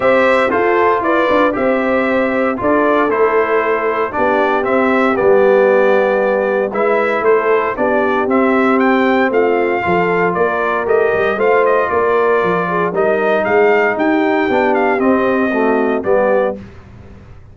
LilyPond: <<
  \new Staff \with { instrumentName = "trumpet" } { \time 4/4 \tempo 4 = 116 e''4 c''4 d''4 e''4~ | e''4 d''4 c''2 | d''4 e''4 d''2~ | d''4 e''4 c''4 d''4 |
e''4 g''4 f''2 | d''4 dis''4 f''8 dis''8 d''4~ | d''4 dis''4 f''4 g''4~ | g''8 f''8 dis''2 d''4 | }
  \new Staff \with { instrumentName = "horn" } { \time 4/4 c''4 a'4 b'4 c''4~ | c''4 a'2. | g'1~ | g'4 b'4 a'4 g'4~ |
g'2 f'4 a'4 | ais'2 c''4 ais'4~ | ais'8 gis'8 ais'4 gis'4 g'4~ | g'2 fis'4 g'4 | }
  \new Staff \with { instrumentName = "trombone" } { \time 4/4 g'4 f'2 g'4~ | g'4 f'4 e'2 | d'4 c'4 b2~ | b4 e'2 d'4 |
c'2. f'4~ | f'4 g'4 f'2~ | f'4 dis'2. | d'4 c'4 a4 b4 | }
  \new Staff \with { instrumentName = "tuba" } { \time 4/4 c'4 f'4 e'8 d'8 c'4~ | c'4 d'4 a2 | b4 c'4 g2~ | g4 gis4 a4 b4 |
c'2 a4 f4 | ais4 a8 g8 a4 ais4 | f4 g4 gis4 dis'4 | b4 c'2 g4 | }
>>